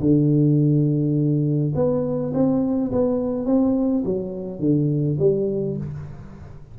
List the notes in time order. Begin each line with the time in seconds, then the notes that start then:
0.00 D3
1.75 B3
2.34 C4
2.92 B3
3.46 C4
4.05 F#3
4.60 D3
5.19 G3